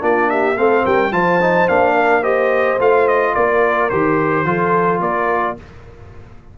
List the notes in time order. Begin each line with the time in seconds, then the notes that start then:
0.00 A#3 D4 F4 D5
0.30 G4 E5
0.56 A3 C4 A4 F5
0.84 G3 A#4 G5
1.12 F3 F4 C5 A5
1.41 D#4
1.68 A#3 D4 F5
1.95 A#4
2.22 G4 C5 D#5
2.79 A3 F4 F5
3.08 D#5
3.35 A#3 A#4 D5
3.90 D#3 G4 C5
4.45 F3 F4 A4
5.00 A#3 A#4 D5